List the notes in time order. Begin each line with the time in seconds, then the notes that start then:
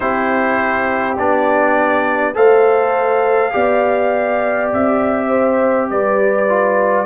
0.00 C4 E4 G4 C5
1.17 B3 D4 D5
2.34 A3 A4 C5 F5
3.51 B3 G4 D5
4.73 C4 E5
5.27 C5
5.89 G3 B4 D5
6.48 F4